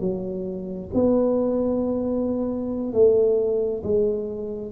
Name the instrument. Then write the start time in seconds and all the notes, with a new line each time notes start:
tuba
0.00 F#3
0.94 B3
2.93 A3
3.83 G#3